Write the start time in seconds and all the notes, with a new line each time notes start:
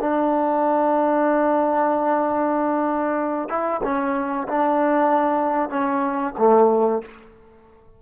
0.00 D4
3.49 E4
3.83 C#4
4.48 D4
5.70 C#4
6.38 A3